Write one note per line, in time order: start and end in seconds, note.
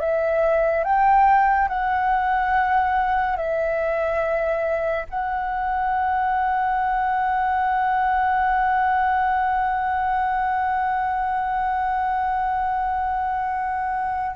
0.00 0.84 E5
0.84 1.69 G5
1.69 3.37 F#5
3.37 5.06 E5
5.10 14.36 F#5